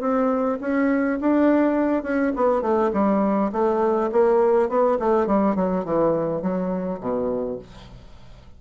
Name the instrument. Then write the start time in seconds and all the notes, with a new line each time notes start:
bassoon
0.00 C4
0.60 C#4
1.20 D4
2.03 C#4
2.35 B3
2.61 A3
2.93 G3
3.52 A3
4.11 A#3
4.68 B3
4.99 A3
5.26 G3
5.55 F#3
5.84 E3
6.41 F#3
7.00 B2